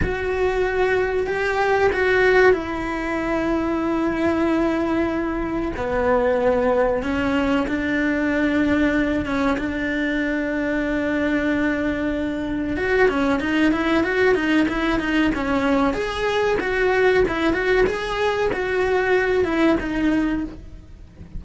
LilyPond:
\new Staff \with { instrumentName = "cello" } { \time 4/4 \tempo 4 = 94 fis'2 g'4 fis'4 | e'1~ | e'4 b2 cis'4 | d'2~ d'8 cis'8 d'4~ |
d'1 | fis'8 cis'8 dis'8 e'8 fis'8 dis'8 e'8 dis'8 | cis'4 gis'4 fis'4 e'8 fis'8 | gis'4 fis'4. e'8 dis'4 | }